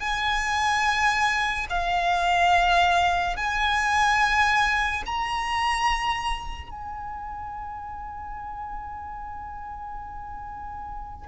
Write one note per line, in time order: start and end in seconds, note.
0.00 1.67 G#5
1.70 3.36 F5
3.36 5.03 G#5
5.06 6.70 A#5
6.70 11.28 G#5